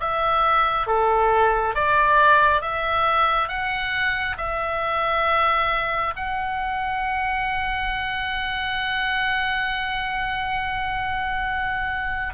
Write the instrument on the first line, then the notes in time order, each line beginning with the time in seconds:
oboe
0.00 E5
0.87 A4
1.74 D5
2.61 E5
3.48 F#5
4.38 E5
6.16 F#5